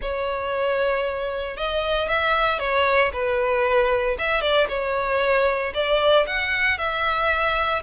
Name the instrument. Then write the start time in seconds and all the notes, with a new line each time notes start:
violin
0.01 C#5
1.57 D#5
2.08 E5
2.59 C#5
3.13 B4
4.18 E5
4.41 D5
4.68 C#5
5.73 D5
6.26 F#5
6.78 E5